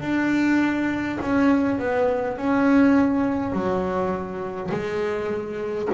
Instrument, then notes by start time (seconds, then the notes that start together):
double bass
0.00 D4
1.21 C#4
1.79 B3
2.37 C#4
3.52 F#3
4.71 G#3